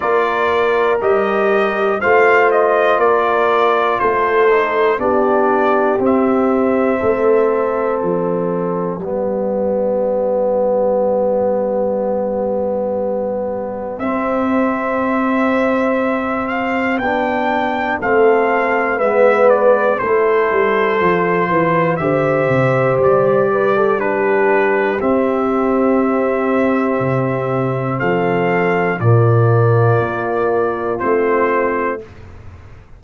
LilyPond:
<<
  \new Staff \with { instrumentName = "trumpet" } { \time 4/4 \tempo 4 = 60 d''4 dis''4 f''8 dis''8 d''4 | c''4 d''4 e''2 | d''1~ | d''2 e''2~ |
e''8 f''8 g''4 f''4 e''8 d''8 | c''2 e''4 d''4 | b'4 e''2. | f''4 d''2 c''4 | }
  \new Staff \with { instrumentName = "horn" } { \time 4/4 ais'2 c''4 ais'4 | a'4 g'2 a'4~ | a'4 g'2.~ | g'1~ |
g'2 a'4 b'4 | a'4. b'8 c''4. b'16 a'16 | g'1 | a'4 f'2. | }
  \new Staff \with { instrumentName = "trombone" } { \time 4/4 f'4 g'4 f'2~ | f'8 dis'8 d'4 c'2~ | c'4 b2.~ | b2 c'2~ |
c'4 d'4 c'4 b4 | e'4 f'4 g'2 | d'4 c'2.~ | c'4 ais2 c'4 | }
  \new Staff \with { instrumentName = "tuba" } { \time 4/4 ais4 g4 a4 ais4 | a4 b4 c'4 a4 | f4 g2.~ | g2 c'2~ |
c'4 b4 a4 gis4 | a8 g8 f8 e8 d8 c8 g4~ | g4 c'2 c4 | f4 ais,4 ais4 a4 | }
>>